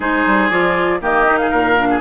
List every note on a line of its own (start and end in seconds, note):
0.00 0.25 G#3
0.00 0.49 D#4
0.00 0.99 G#4
0.00 0.49 C5
0.26 0.50 G3
0.49 1.01 F3
0.49 1.00 F4
0.49 1.00 D5
1.00 1.51 D#3
1.00 1.25 A#3
1.00 1.39 G4
1.00 1.37 D#5
1.25 1.76 D#4
1.37 1.50 G#4
1.37 2.00 F5
1.50 2.01 A#2
1.50 1.87 A#4
1.77 2.01 D4
1.90 2.01 G#4